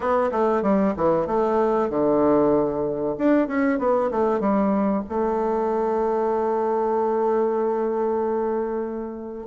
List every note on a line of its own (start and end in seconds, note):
0.00 0.30 B3
0.31 0.62 A3
0.62 0.94 G3
0.96 1.26 E3
1.26 1.89 A3
1.89 3.16 D3
3.18 3.47 D4
3.47 3.79 C#4
3.79 4.10 B3
4.11 4.40 A3
4.40 5.03 G3
5.08 9.47 A3